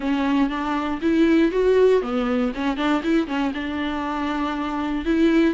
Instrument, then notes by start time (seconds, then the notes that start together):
viola
0.00 C#4
0.49 D4
1.01 E4
1.51 F#4
2.02 B3
2.54 C#4
2.76 D4
3.03 E4
3.27 C#4
3.54 D4
5.05 E4